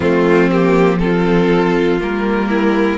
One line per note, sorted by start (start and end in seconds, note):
0.00 2.00 F3
0.00 0.51 A3
0.00 0.99 C4
0.00 0.50 F4
0.51 1.00 A#3
0.51 0.98 G4
0.98 2.00 C4
0.98 2.48 F4
0.98 1.98 A4
2.00 2.98 G3
2.00 2.98 A#3
2.00 2.98 A#4
2.48 2.98 E4